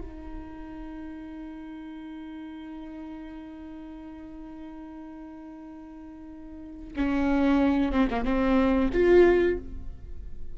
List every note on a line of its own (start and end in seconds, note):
0.00 6.94 D#4
6.96 7.91 C#4
7.91 8.08 C4
8.10 8.24 A#3
8.24 8.89 C4
8.93 9.57 F4